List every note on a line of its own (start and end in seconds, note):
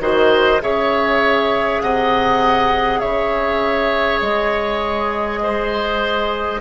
0.00 0.60 D#3
0.00 0.60 F#4
0.00 0.62 C5
0.00 0.61 D#5
0.61 1.81 C#3
0.61 6.61 G#4
0.61 1.82 C#5
0.61 1.81 E5
1.81 3.02 C3
1.81 3.00 D#5
1.81 2.99 F#5
2.99 4.21 C#3
2.99 5.40 C#5
2.99 4.19 E5
4.21 6.61 G#3
4.21 6.61 D#5
5.42 6.61 C5